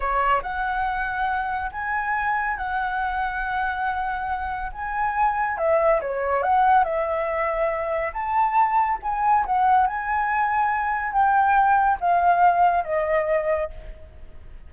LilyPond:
\new Staff \with { instrumentName = "flute" } { \time 4/4 \tempo 4 = 140 cis''4 fis''2. | gis''2 fis''2~ | fis''2. gis''4~ | gis''4 e''4 cis''4 fis''4 |
e''2. a''4~ | a''4 gis''4 fis''4 gis''4~ | gis''2 g''2 | f''2 dis''2 | }